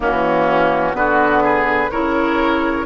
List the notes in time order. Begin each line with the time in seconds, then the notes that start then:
0.00 E3 A#3 C#4 F#4
0.93 D3 B3 F#4 B4
1.43 G#4
1.90 C#3 E4 A#4 C#5